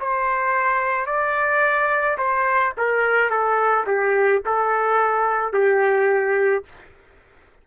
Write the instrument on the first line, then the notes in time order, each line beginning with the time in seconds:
trumpet
0.00 C5
1.06 D5
2.17 C5
2.77 A#4
3.30 A4
3.86 G4
4.45 A4
5.53 G4